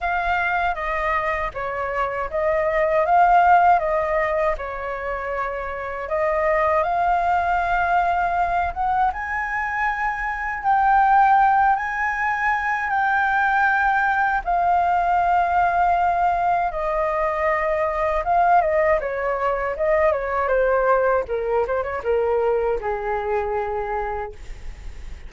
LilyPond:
\new Staff \with { instrumentName = "flute" } { \time 4/4 \tempo 4 = 79 f''4 dis''4 cis''4 dis''4 | f''4 dis''4 cis''2 | dis''4 f''2~ f''8 fis''8 | gis''2 g''4. gis''8~ |
gis''4 g''2 f''4~ | f''2 dis''2 | f''8 dis''8 cis''4 dis''8 cis''8 c''4 | ais'8 c''16 cis''16 ais'4 gis'2 | }